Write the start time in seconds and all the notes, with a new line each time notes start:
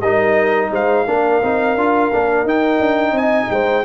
0.00 G3 D#4 A#4 D#5
0.71 G#3 C5 F5
1.07 A#3 D4 A#4
1.43 C4 D#4
1.75 D4 F4
2.13 A#3 D4
2.44 D#4 G5
2.80 D4
3.12 C4 D#5 G#5
3.50 G#3 C5 G5